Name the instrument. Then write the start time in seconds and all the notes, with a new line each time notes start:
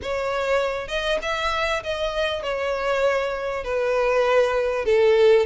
violin
0.02 C#5
0.88 D#5
1.22 E5
1.83 D#5
2.42 C#5
3.64 B4
4.85 A4